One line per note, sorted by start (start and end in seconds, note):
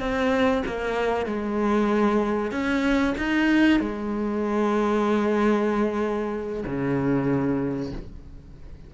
0.00 0.63 C4
0.66 1.26 A#3
1.26 2.51 G#3
2.51 3.15 C#4
3.18 3.80 D#4
3.80 6.64 G#3
6.66 7.92 C#3